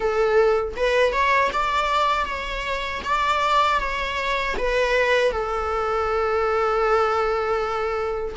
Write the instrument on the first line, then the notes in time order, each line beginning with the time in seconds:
viola
0.00 A4
0.76 B4
1.12 C#5
1.53 D5
2.25 C#5
3.03 D5
3.79 C#5
4.57 B4
5.31 A4